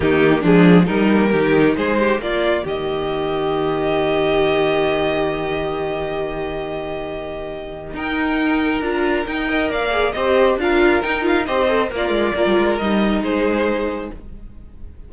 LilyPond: <<
  \new Staff \with { instrumentName = "violin" } { \time 4/4 \tempo 4 = 136 g'4 gis'4 ais'2 | c''4 d''4 dis''2~ | dis''1~ | dis''1~ |
dis''2 g''2 | ais''4 g''4 f''4 dis''4 | f''4 g''8 f''8 dis''4 d''4~ | d''4 dis''4 c''2 | }
  \new Staff \with { instrumentName = "violin" } { \time 4/4 dis'4 d'4 dis'4 g'4 | gis'8 g'8 f'4 g'2~ | g'1~ | g'1~ |
g'2 ais'2~ | ais'4. dis''8 d''4 c''4 | ais'2 c''4 f'4 | ais'2 gis'2 | }
  \new Staff \with { instrumentName = "viola" } { \time 4/4 ais4 gis4 g8 ais8 dis'4~ | dis'4 ais2.~ | ais1~ | ais1~ |
ais2 dis'2 | f'4 dis'8 ais'4 gis'8 g'4 | f'4 dis'8 f'8 g'8 a'8 ais'4 | f'4 dis'2. | }
  \new Staff \with { instrumentName = "cello" } { \time 4/4 dis4 f4 g4 dis4 | gis4 ais4 dis2~ | dis1~ | dis1~ |
dis2 dis'2 | d'4 dis'4 ais4 c'4 | d'4 dis'4 c'4 ais8 gis8 | ais16 g16 gis8 g4 gis2 | }
>>